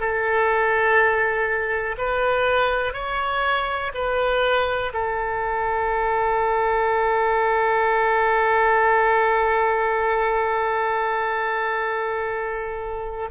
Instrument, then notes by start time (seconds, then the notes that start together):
oboe
0.00 A4
1.98 B4
2.93 C#5
3.94 B4
4.94 A4